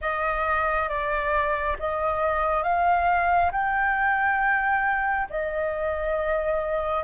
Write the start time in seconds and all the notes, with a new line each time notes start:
0.01 D#5
0.88 D5
1.79 D#5
2.63 F5
3.51 G5
5.29 D#5